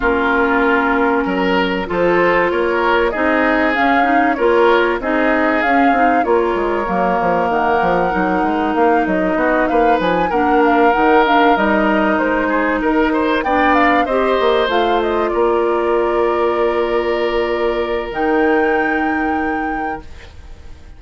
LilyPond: <<
  \new Staff \with { instrumentName = "flute" } { \time 4/4 \tempo 4 = 96 ais'2. c''4 | cis''4 dis''4 f''4 cis''4 | dis''4 f''4 cis''2 | fis''2 f''8 dis''4 f''8 |
gis''8 fis''8 f''8 fis''8 f''8 dis''4 c''8~ | c''8 ais'4 g''8 f''8 dis''4 f''8 | dis''8 d''2.~ d''8~ | d''4 g''2. | }
  \new Staff \with { instrumentName = "oboe" } { \time 4/4 f'2 ais'4 a'4 | ais'4 gis'2 ais'4 | gis'2 ais'2~ | ais'2. fis'8 b'8~ |
b'8 ais'2.~ ais'8 | gis'8 ais'8 c''8 d''4 c''4.~ | c''8 ais'2.~ ais'8~ | ais'1 | }
  \new Staff \with { instrumentName = "clarinet" } { \time 4/4 cis'2. f'4~ | f'4 dis'4 cis'8 dis'8 f'4 | dis'4 cis'8 dis'8 f'4 ais4~ | ais4 dis'2.~ |
dis'8 d'4 dis'8 d'8 dis'4.~ | dis'4. d'4 g'4 f'8~ | f'1~ | f'4 dis'2. | }
  \new Staff \with { instrumentName = "bassoon" } { \time 4/4 ais2 fis4 f4 | ais4 c'4 cis'4 ais4 | c'4 cis'8 c'8 ais8 gis8 fis8 f8 | dis8 f8 fis8 gis8 ais8 fis8 b8 ais8 |
f8 ais4 dis4 g4 gis8~ | gis8 dis'4 b4 c'8 ais8 a8~ | a8 ais2.~ ais8~ | ais4 dis2. | }
>>